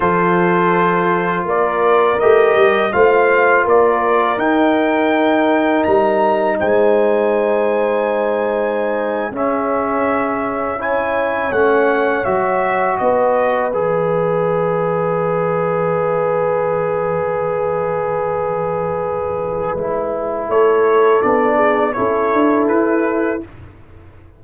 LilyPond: <<
  \new Staff \with { instrumentName = "trumpet" } { \time 4/4 \tempo 4 = 82 c''2 d''4 dis''4 | f''4 d''4 g''2 | ais''4 gis''2.~ | gis''8. e''2 gis''4 fis''16~ |
fis''8. e''4 dis''4 e''4~ e''16~ | e''1~ | e''1 | cis''4 d''4 cis''4 b'4 | }
  \new Staff \with { instrumentName = "horn" } { \time 4/4 a'2 ais'2 | c''4 ais'2.~ | ais'4 c''2.~ | c''8. gis'2 cis''4~ cis''16~ |
cis''4.~ cis''16 b'2~ b'16~ | b'1~ | b'1 | a'4. gis'8 a'2 | }
  \new Staff \with { instrumentName = "trombone" } { \time 4/4 f'2. g'4 | f'2 dis'2~ | dis'1~ | dis'8. cis'2 e'4 cis'16~ |
cis'8. fis'2 gis'4~ gis'16~ | gis'1~ | gis'2. e'4~ | e'4 d'4 e'2 | }
  \new Staff \with { instrumentName = "tuba" } { \time 4/4 f2 ais4 a8 g8 | a4 ais4 dis'2 | g4 gis2.~ | gis8. cis'2. a16~ |
a8. fis4 b4 e4~ e16~ | e1~ | e2. gis4 | a4 b4 cis'8 d'8 e'4 | }
>>